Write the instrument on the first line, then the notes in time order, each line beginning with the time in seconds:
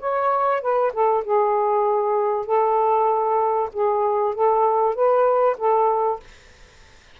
saxophone
0.00 C#5
0.62 B4
0.93 A4
1.24 G#4
2.46 A4
3.73 G#4
4.35 A4
4.95 B4
5.58 A4